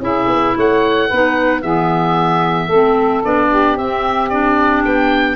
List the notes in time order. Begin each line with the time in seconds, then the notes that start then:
0.00 C#4 E4 G#4 E5
0.27 B3
0.56 A3 C#5 F#5
1.08 B3 D#4 B4
1.62 E3 B3 G#4 E5
2.67 A3 A4
2.74 C4
3.25 B3 D4 D5
3.50 G4
3.78 C4 E5
4.30 D4 D5
4.85 B3 G5